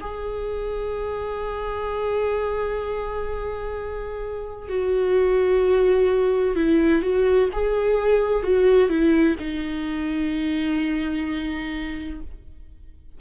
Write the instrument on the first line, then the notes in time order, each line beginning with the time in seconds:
viola
0.00 G#4
4.69 F#4
6.55 E4
7.02 F#4
7.53 G#4
8.43 F#4
8.89 E4
9.39 D#4